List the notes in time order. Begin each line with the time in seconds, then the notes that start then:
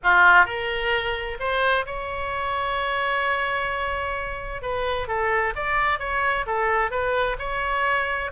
0.03 F4
0.45 A#4
1.39 C5
1.85 C#5
4.62 B4
5.07 A4
5.55 D5
5.99 C#5
6.46 A4
6.90 B4
7.38 C#5